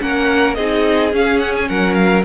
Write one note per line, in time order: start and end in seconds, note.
0.00 0.57 A#3
0.00 0.56 C#4
0.00 0.57 A#4
0.00 0.55 F#5
0.55 1.13 C4
0.55 1.12 D#4
0.55 1.69 G#4
0.55 1.11 D#5
1.12 2.24 C#4
1.12 1.69 C#4
1.12 1.39 F5
1.39 1.53 F#5
1.57 1.69 G#5
1.69 2.25 F#3
1.69 2.25 A#4
1.69 1.95 F#5
1.95 2.23 F5